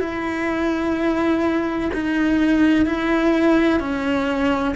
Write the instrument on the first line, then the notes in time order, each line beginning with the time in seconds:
cello
0.00 E4
1.93 D#4
2.86 E4
3.80 C#4